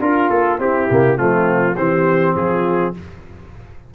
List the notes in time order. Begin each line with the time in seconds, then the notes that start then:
0.00 D4 F4 A#4
0.29 A#3 A4
0.58 C4 E4 G4
0.90 C3 A#3
1.17 F3 A3 C4 F4
1.76 E3 C4 G4 C5
2.35 F3 F4 G#4